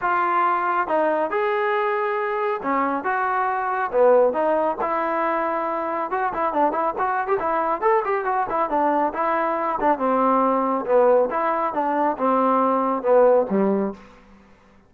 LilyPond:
\new Staff \with { instrumentName = "trombone" } { \time 4/4 \tempo 4 = 138 f'2 dis'4 gis'4~ | gis'2 cis'4 fis'4~ | fis'4 b4 dis'4 e'4~ | e'2 fis'8 e'8 d'8 e'8 |
fis'8. g'16 e'4 a'8 g'8 fis'8 e'8 | d'4 e'4. d'8 c'4~ | c'4 b4 e'4 d'4 | c'2 b4 g4 | }